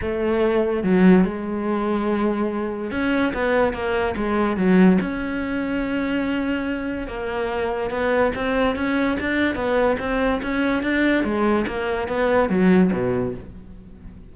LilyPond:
\new Staff \with { instrumentName = "cello" } { \time 4/4 \tempo 4 = 144 a2 fis4 gis4~ | gis2. cis'4 | b4 ais4 gis4 fis4 | cis'1~ |
cis'4 ais2 b4 | c'4 cis'4 d'4 b4 | c'4 cis'4 d'4 gis4 | ais4 b4 fis4 b,4 | }